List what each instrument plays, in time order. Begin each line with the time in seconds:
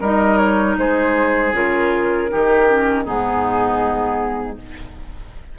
0.00 bassoon G3, clarinet D#4, oboe A#4, flute D#5
0.37 flute C#5
0.76 bassoon G#3, oboe G#4, flute C5
1.52 bassoon C#3, clarinet F4, flute A#4
2.28 bassoon D#3, clarinet D#4, oboe G4
2.68 clarinet C#4
3.04 bassoon G#2, clarinet B3, oboe D#4, flute G#4